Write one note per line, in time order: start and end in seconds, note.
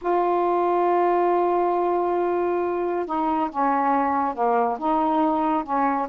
0.01 3.06 F4
3.06 3.49 D#4
3.49 4.34 C#4
4.34 4.78 A#3
4.78 5.63 D#4
5.63 6.07 C#4